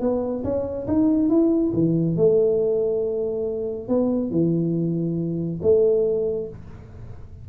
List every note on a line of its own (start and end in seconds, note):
0.00 0.43 B3
0.44 0.87 C#4
0.87 1.29 D#4
1.29 1.72 E4
1.73 2.16 E3
2.16 3.88 A3
3.88 4.30 B3
4.30 5.60 E3
5.62 6.48 A3